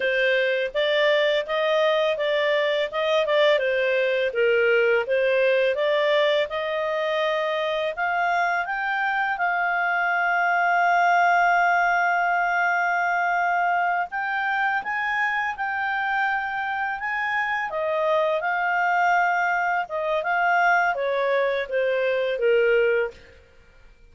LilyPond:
\new Staff \with { instrumentName = "clarinet" } { \time 4/4 \tempo 4 = 83 c''4 d''4 dis''4 d''4 | dis''8 d''8 c''4 ais'4 c''4 | d''4 dis''2 f''4 | g''4 f''2.~ |
f''2.~ f''8 g''8~ | g''8 gis''4 g''2 gis''8~ | gis''8 dis''4 f''2 dis''8 | f''4 cis''4 c''4 ais'4 | }